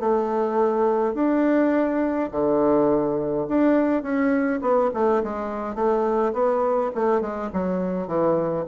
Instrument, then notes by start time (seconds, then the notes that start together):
bassoon
0.00 A3
1.14 D4
2.32 D3
3.48 D4
4.03 C#4
4.62 B3
4.94 A3
5.23 G#3
5.75 A3
6.33 B3
6.95 A3
7.21 G#3
7.53 F#3
8.08 E3